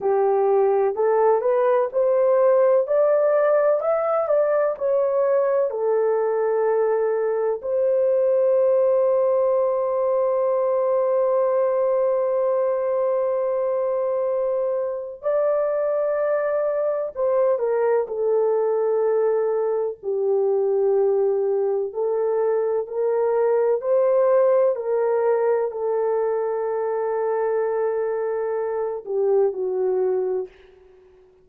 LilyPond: \new Staff \with { instrumentName = "horn" } { \time 4/4 \tempo 4 = 63 g'4 a'8 b'8 c''4 d''4 | e''8 d''8 cis''4 a'2 | c''1~ | c''1 |
d''2 c''8 ais'8 a'4~ | a'4 g'2 a'4 | ais'4 c''4 ais'4 a'4~ | a'2~ a'8 g'8 fis'4 | }